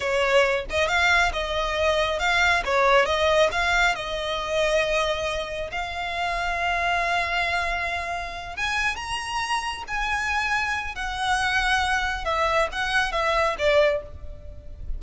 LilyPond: \new Staff \with { instrumentName = "violin" } { \time 4/4 \tempo 4 = 137 cis''4. dis''8 f''4 dis''4~ | dis''4 f''4 cis''4 dis''4 | f''4 dis''2.~ | dis''4 f''2.~ |
f''2.~ f''8 gis''8~ | gis''8 ais''2 gis''4.~ | gis''4 fis''2. | e''4 fis''4 e''4 d''4 | }